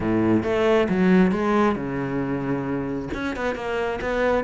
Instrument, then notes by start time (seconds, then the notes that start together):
cello
0.00 A2
0.43 A3
0.89 F#3
1.31 G#3
1.75 C#3
3.14 C#4
3.36 B3
3.55 A#3
4.01 B3